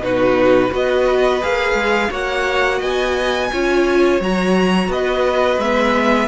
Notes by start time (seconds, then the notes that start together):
0.00 B2 D#4 F#4 B4
0.70 B3 F#4 B4 D#5
1.41 A#3 G#4 F5
1.74 G#3
2.10 A#3 F#4 C#5 F#5
2.78 B3 D#5 G#5
3.52 C#4 F4 C#5
4.20 F#3 F#4 A#5
4.88 B3 B4 D#5
5.58 G#3 B3 E5